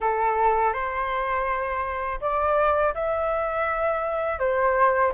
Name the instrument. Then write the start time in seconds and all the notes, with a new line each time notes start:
flute
0.00 A4
0.73 C5
2.21 D5
2.94 E5
4.39 C5